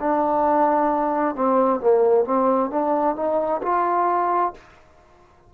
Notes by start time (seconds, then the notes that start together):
0.00 D4
1.36 C4
1.80 A#3
2.25 C4
2.70 D4
3.16 D#4
3.63 F4